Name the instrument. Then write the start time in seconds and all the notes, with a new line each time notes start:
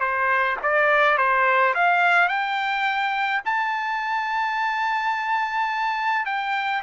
trumpet
0.00 C5
0.63 D5
1.17 C5
1.74 F5
2.28 G5
3.45 A5
6.25 G5